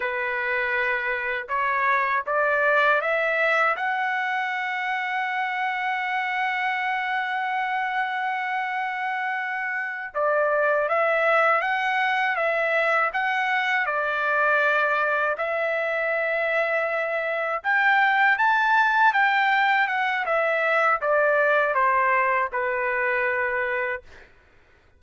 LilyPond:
\new Staff \with { instrumentName = "trumpet" } { \time 4/4 \tempo 4 = 80 b'2 cis''4 d''4 | e''4 fis''2.~ | fis''1~ | fis''4. d''4 e''4 fis''8~ |
fis''8 e''4 fis''4 d''4.~ | d''8 e''2. g''8~ | g''8 a''4 g''4 fis''8 e''4 | d''4 c''4 b'2 | }